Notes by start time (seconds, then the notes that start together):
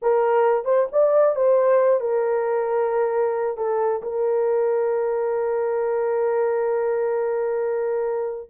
0.01 A#4
0.65 C5
0.92 D5
1.35 C5
2.00 A#4
3.57 A4
4.02 A#4